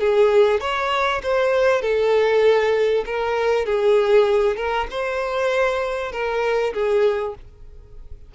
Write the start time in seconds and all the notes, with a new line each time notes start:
0.00 G#4
0.60 C#5
1.22 C5
1.81 A4
3.06 A#4
3.65 G#4
4.56 A#4
4.90 C5
6.12 A#4
6.73 G#4